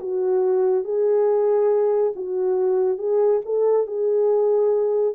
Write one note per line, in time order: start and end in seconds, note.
0.00 0.85 F#4
0.85 2.14 G#4
2.15 2.98 F#4
2.98 3.41 G#4
3.46 3.87 A4
3.87 5.15 G#4